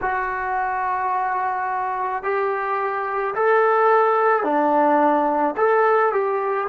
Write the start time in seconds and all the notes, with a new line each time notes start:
0.01 F#4
2.23 G4
3.34 A4
4.43 D4
5.56 A4
6.12 G4